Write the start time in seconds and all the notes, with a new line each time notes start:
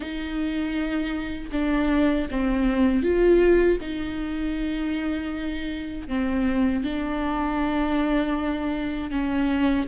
0.00 D#4
1.52 D4
2.30 C4
3.02 F4
3.80 D#4
6.08 C4
6.83 D4
9.10 C#4